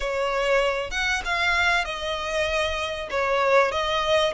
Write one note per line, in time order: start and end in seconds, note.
0.00 0.91 C#5
0.91 1.21 F#5
1.25 1.84 F5
1.84 3.08 D#5
3.10 3.71 C#5
3.71 4.33 D#5